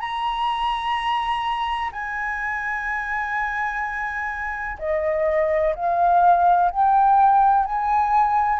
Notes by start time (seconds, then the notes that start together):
0.00 A#5
1.92 G#5
4.79 D#5
5.75 F5
6.71 G5
7.65 G#5